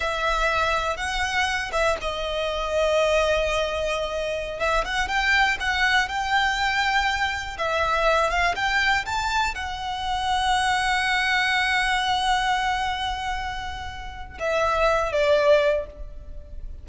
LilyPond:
\new Staff \with { instrumentName = "violin" } { \time 4/4 \tempo 4 = 121 e''2 fis''4. e''8 | dis''1~ | dis''4~ dis''16 e''8 fis''8 g''4 fis''8.~ | fis''16 g''2. e''8.~ |
e''8. f''8 g''4 a''4 fis''8.~ | fis''1~ | fis''1~ | fis''4 e''4. d''4. | }